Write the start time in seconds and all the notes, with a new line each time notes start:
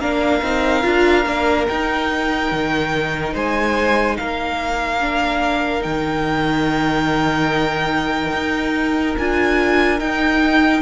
0.00 A#3 D4 A#4 F5
0.42 C4 D#4
0.83 D4 F4
1.26 A#3 D4
1.67 D#4 G5
2.52 D#3
3.34 G#3 C5 G#5
4.17 A#3 A#4 F5
5.00 D4
5.80 D#3 D#4 G5
8.33 D#4
9.18 D4 F4 G#5
9.99 D#4 G5